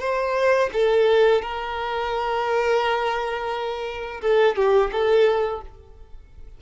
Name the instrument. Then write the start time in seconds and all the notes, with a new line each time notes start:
violin
0.00 C5
0.73 A4
1.42 A#4
4.21 A4
4.56 G4
4.92 A4